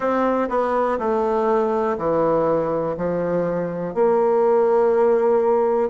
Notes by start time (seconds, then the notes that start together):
0.00 C4
0.49 B3
0.98 A3
1.97 E3
2.97 F3
3.94 A#3